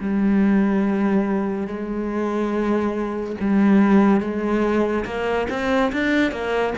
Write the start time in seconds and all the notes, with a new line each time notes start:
0.00 G3
1.67 G#3
3.40 G3
4.20 G#3
5.05 A#3
5.50 C4
5.92 D4
6.31 A#3